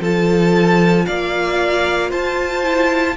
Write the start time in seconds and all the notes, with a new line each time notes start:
0.00 F3 F4 A4 A5
1.06 A#3 D5 F5
2.09 F4 C5 A5
2.63 E4